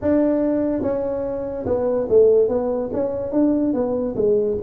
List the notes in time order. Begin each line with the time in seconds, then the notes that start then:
0.01 D4
0.81 C#4
1.66 B3
2.09 A3
2.48 B3
2.92 C#4
3.31 D4
3.73 B3
4.15 G#3